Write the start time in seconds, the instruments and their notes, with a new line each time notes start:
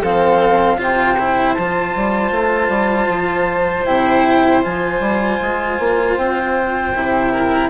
0.00 bassoon F3, cello C4, violin A4, flute F5
0.78 bassoon C3, cello F4, violin C5, flute G5
1.19 cello E4
1.53 bassoon F3, cello F4, flute A5
1.95 bassoon G3
2.31 bassoon A3
2.68 bassoon G3
3.08 bassoon F3
3.86 bassoon C3, cello E4, flute G5
4.62 bassoon F3, cello F4, flute G#5
5.00 bassoon G3
5.41 bassoon G#3
5.79 bassoon A#3
6.17 bassoon C4, flute G5
6.95 bassoon C3, cello E4
7.31 violin A#4